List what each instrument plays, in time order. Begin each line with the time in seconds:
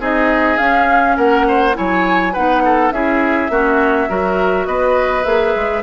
0.00 bassoon C4, clarinet D#4, oboe G#4, flute D#5
0.58 clarinet C#4, bassoon C#4, flute F5
1.17 bassoon A#3, oboe A#4, flute F#5
1.48 oboe C5
1.74 bassoon F#3, clarinet E4, oboe C#5, flute G#5
2.33 bassoon B3, clarinet D#4, oboe B4, flute F#5
2.65 oboe A4
2.92 bassoon C#4, clarinet E4, oboe G#4, flute E5
3.50 bassoon A#3, clarinet C#4, oboe F#4
4.09 bassoon F#3, clarinet F#4, oboe A#4
4.66 bassoon B3, oboe B4, flute D#5
5.24 bassoon A#3, clarinet G#4, flute E5
5.56 bassoon G#3